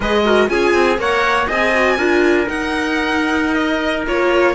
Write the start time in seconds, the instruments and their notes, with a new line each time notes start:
0.00 cello G#3, viola G#4, trumpet B4, violin D#5
0.24 viola F#4, trumpet A#4
0.48 cello C#4, viola F4, trumpet G#4, violin G#5
0.73 cello C4
0.98 cello A#3, viola A#4, trumpet C#5, violin F#5
1.47 cello C4, viola G#4, trumpet D#5, violin G#5
1.74 viola F#4
1.97 cello D4, viola F4, trumpet A#4
2.45 viola D#4, cello D#4, violin F#5
3.53 violin D#5
4.06 cello A#3, viola F4, violin C#5